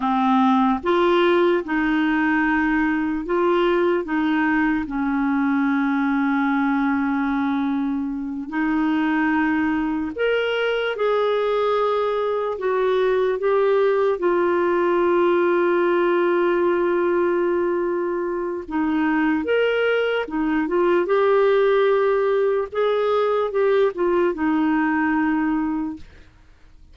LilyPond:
\new Staff \with { instrumentName = "clarinet" } { \time 4/4 \tempo 4 = 74 c'4 f'4 dis'2 | f'4 dis'4 cis'2~ | cis'2~ cis'8 dis'4.~ | dis'8 ais'4 gis'2 fis'8~ |
fis'8 g'4 f'2~ f'8~ | f'2. dis'4 | ais'4 dis'8 f'8 g'2 | gis'4 g'8 f'8 dis'2 | }